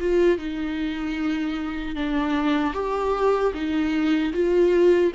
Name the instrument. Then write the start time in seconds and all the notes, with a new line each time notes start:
viola
0.00 F4
0.38 D#4
1.96 D4
2.74 G4
3.54 D#4
4.33 F4